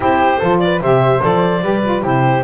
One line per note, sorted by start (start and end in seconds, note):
0.00 0.38 C4
0.00 0.40 E4
0.00 0.39 G4
0.00 0.59 C5
0.39 0.81 F3
0.39 0.81 F4
0.39 0.59 A4
0.59 0.82 B4
0.59 0.80 D5
0.81 1.22 C3
0.81 1.21 G4
0.81 1.63 C5
0.81 1.22 E5
1.21 1.62 F3
1.21 1.62 A4
1.21 2.04 D5
1.62 2.02 G3
1.62 1.83 G4
1.62 2.02 B4
1.83 2.02 F4
2.02 2.43 C3
2.02 2.43 E4
2.02 2.43 G4
2.02 2.43 C5